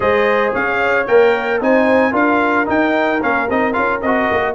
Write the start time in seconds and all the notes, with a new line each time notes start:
0.00 G#3 G#4 C5 D#5
0.53 C#4 C#5 F5
1.07 A#3 A#4 G5
1.60 C4 D#4 C5 G#5
2.11 D4 F4 A#4 F5
2.65 D#4 G5
3.21 A#3 C#4 F5
3.49 C4 D#4 D#5
3.73 C#4 F4 F5
4.01 C4 F#4 D#5
4.30 A#3